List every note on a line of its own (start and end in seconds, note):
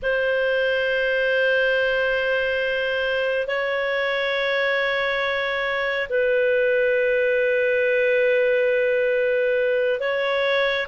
0.02 3.47 C5
3.47 6.08 C#5
6.09 10.00 B4
10.00 10.87 C#5